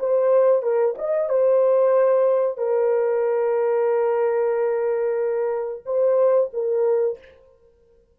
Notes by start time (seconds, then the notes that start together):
0.00 C5
0.63 A#4
0.98 D#5
1.30 C5
2.58 A#4
5.86 C5
6.54 A#4